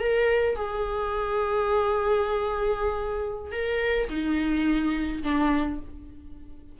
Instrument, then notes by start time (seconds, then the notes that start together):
viola
0.00 A#4
0.56 G#4
3.52 A#4
4.10 D#4
5.23 D4